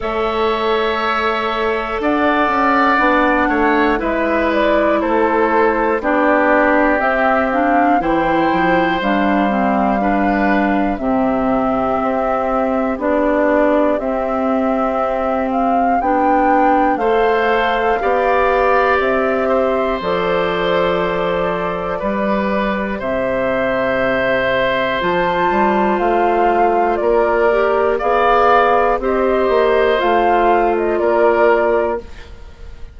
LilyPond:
<<
  \new Staff \with { instrumentName = "flute" } { \time 4/4 \tempo 4 = 60 e''2 fis''2 | e''8 d''8 c''4 d''4 e''8 f''8 | g''4 f''2 e''4~ | e''4 d''4 e''4. f''8 |
g''4 f''2 e''4 | d''2. e''4~ | e''4 a''4 f''4 d''4 | f''4 dis''4 f''8. dis''16 d''4 | }
  \new Staff \with { instrumentName = "oboe" } { \time 4/4 cis''2 d''4. cis''8 | b'4 a'4 g'2 | c''2 b'4 g'4~ | g'1~ |
g'4 c''4 d''4. c''8~ | c''2 b'4 c''4~ | c''2. ais'4 | d''4 c''2 ais'4 | }
  \new Staff \with { instrumentName = "clarinet" } { \time 4/4 a'2. d'4 | e'2 d'4 c'8 d'8 | e'4 d'8 c'8 d'4 c'4~ | c'4 d'4 c'2 |
d'4 a'4 g'2 | a'2 g'2~ | g'4 f'2~ f'8 g'8 | gis'4 g'4 f'2 | }
  \new Staff \with { instrumentName = "bassoon" } { \time 4/4 a2 d'8 cis'8 b8 a8 | gis4 a4 b4 c'4 | e8 f8 g2 c4 | c'4 b4 c'2 |
b4 a4 b4 c'4 | f2 g4 c4~ | c4 f8 g8 a4 ais4 | b4 c'8 ais8 a4 ais4 | }
>>